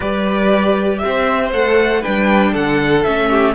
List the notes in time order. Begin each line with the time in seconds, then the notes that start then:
0.00 G3 G4 B4 D5
0.98 E5
1.04 C4 C5
1.52 A3 A4 F#5
2.01 D4 B4 G5
2.07 G3
2.52 D3 A4 F#5
3.03 A3 C#4 E5
3.29 G4